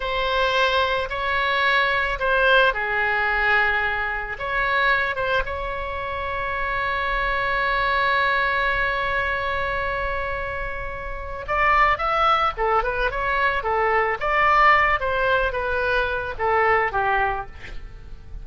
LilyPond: \new Staff \with { instrumentName = "oboe" } { \time 4/4 \tempo 4 = 110 c''2 cis''2 | c''4 gis'2. | cis''4. c''8 cis''2~ | cis''1~ |
cis''1~ | cis''4 d''4 e''4 a'8 b'8 | cis''4 a'4 d''4. c''8~ | c''8 b'4. a'4 g'4 | }